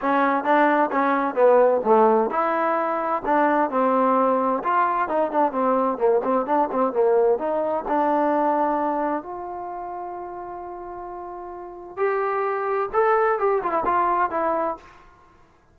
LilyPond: \new Staff \with { instrumentName = "trombone" } { \time 4/4 \tempo 4 = 130 cis'4 d'4 cis'4 b4 | a4 e'2 d'4 | c'2 f'4 dis'8 d'8 | c'4 ais8 c'8 d'8 c'8 ais4 |
dis'4 d'2. | f'1~ | f'2 g'2 | a'4 g'8 f'16 e'16 f'4 e'4 | }